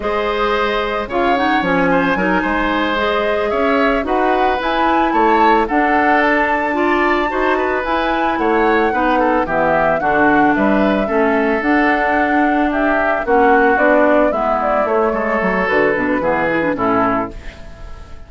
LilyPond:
<<
  \new Staff \with { instrumentName = "flute" } { \time 4/4 \tempo 4 = 111 dis''2 f''8 fis''8 gis''4~ | gis''4. dis''4 e''4 fis''8~ | fis''8 gis''4 a''4 fis''4 a''8~ | a''2~ a''8 gis''4 fis''8~ |
fis''4. e''4 fis''4 e''8~ | e''4. fis''2 e''8~ | e''8 fis''4 d''4 e''8 d''8 cis''8~ | cis''4 b'2 a'4 | }
  \new Staff \with { instrumentName = "oboe" } { \time 4/4 c''2 cis''4. c''8 | ais'8 c''2 cis''4 b'8~ | b'4. cis''4 a'4.~ | a'8 d''4 c''8 b'4. cis''8~ |
cis''8 b'8 a'8 g'4 fis'4 b'8~ | b'8 a'2. g'8~ | g'8 fis'2 e'4. | a'2 gis'4 e'4 | }
  \new Staff \with { instrumentName = "clarinet" } { \time 4/4 gis'2 f'8 dis'8 cis'4 | dis'4. gis'2 fis'8~ | fis'8 e'2 d'4.~ | d'8 f'4 fis'4 e'4.~ |
e'8 dis'4 b4 d'4.~ | d'8 cis'4 d'2~ d'8~ | d'8 cis'4 d'4 b4 a8~ | a4 fis'8 d'8 b8 e'16 d'16 cis'4 | }
  \new Staff \with { instrumentName = "bassoon" } { \time 4/4 gis2 cis4 f4 | fis8 gis2 cis'4 dis'8~ | dis'8 e'4 a4 d'4.~ | d'4. dis'4 e'4 a8~ |
a8 b4 e4 d4 g8~ | g8 a4 d'2~ d'8~ | d'8 ais4 b4 gis4 a8 | gis8 fis8 d8 b,8 e4 a,4 | }
>>